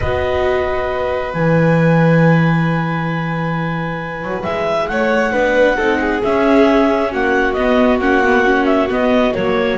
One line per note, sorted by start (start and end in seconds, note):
0.00 1.34 B3
0.00 1.33 F#4
0.00 4.87 B4
0.00 1.33 D#5
1.33 4.22 E3
1.33 5.32 E4
1.33 4.43 G#5
4.22 4.44 F#3
4.43 4.89 G#3
4.43 4.88 E5
4.88 5.33 A3
4.88 5.32 C#5
4.88 6.21 F#5
5.32 5.77 B3
5.32 5.77 D4
5.32 5.76 B4
5.76 6.22 C4
5.76 6.21 D#4
5.76 5.98 A4
6.00 7.11 G#4
6.22 7.55 C#4
6.22 7.13 C#4
6.22 7.12 E5
7.11 7.55 A#3
7.11 9.77 F#4
7.11 7.53 F#5
7.53 7.99 B3
7.53 8.01 B3
7.53 7.97 D#5
7.99 8.88 A#3
7.99 8.23 C#4
7.99 8.65 F#5
8.24 8.44 B3
8.44 8.89 C#4
8.65 8.87 E5
8.89 9.33 B3
8.89 9.34 B3
8.89 9.33 D#5
9.33 9.77 F#3
9.33 9.77 A#3
9.33 9.77 C#5